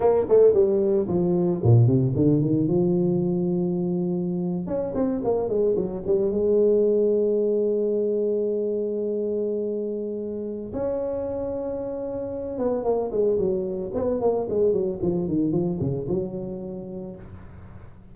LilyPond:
\new Staff \with { instrumentName = "tuba" } { \time 4/4 \tempo 4 = 112 ais8 a8 g4 f4 ais,8 c8 | d8 dis8 f2.~ | f8. cis'8 c'8 ais8 gis8 fis8 g8 gis16~ | gis1~ |
gis1 | cis'2.~ cis'8 b8 | ais8 gis8 fis4 b8 ais8 gis8 fis8 | f8 dis8 f8 cis8 fis2 | }